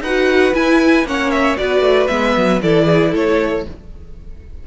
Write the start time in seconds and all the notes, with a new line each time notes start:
0.00 D#4 F#4 B4 F#5
0.54 E4 G#5
1.03 A#3 C#4 C#5 F#5
1.30 E5
1.56 B3 F#4 B4 D5
1.80 A3
2.07 G#3 B3 E5
2.36 F#3
2.61 E3 E4 A4 D5
2.85 G#4
3.11 A3 A4 C#5